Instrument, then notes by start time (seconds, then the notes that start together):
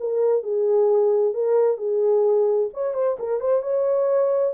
horn
0.00 A#4
0.44 G#4
1.34 A#4
1.78 G#4
2.74 C#5
2.94 C5
3.19 A#4
3.41 C5
3.63 C#5